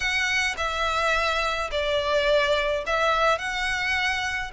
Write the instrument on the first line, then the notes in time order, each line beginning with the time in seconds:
violin
0.00 F#5
0.57 E5
1.71 D5
2.86 E5
3.38 F#5